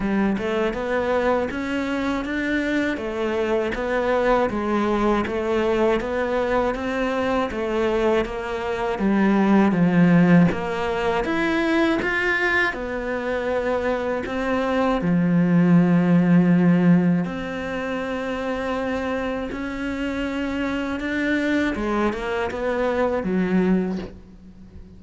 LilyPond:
\new Staff \with { instrumentName = "cello" } { \time 4/4 \tempo 4 = 80 g8 a8 b4 cis'4 d'4 | a4 b4 gis4 a4 | b4 c'4 a4 ais4 | g4 f4 ais4 e'4 |
f'4 b2 c'4 | f2. c'4~ | c'2 cis'2 | d'4 gis8 ais8 b4 fis4 | }